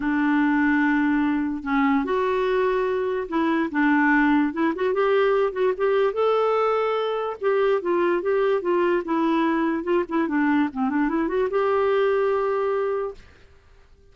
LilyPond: \new Staff \with { instrumentName = "clarinet" } { \time 4/4 \tempo 4 = 146 d'1 | cis'4 fis'2. | e'4 d'2 e'8 fis'8 | g'4. fis'8 g'4 a'4~ |
a'2 g'4 f'4 | g'4 f'4 e'2 | f'8 e'8 d'4 c'8 d'8 e'8 fis'8 | g'1 | }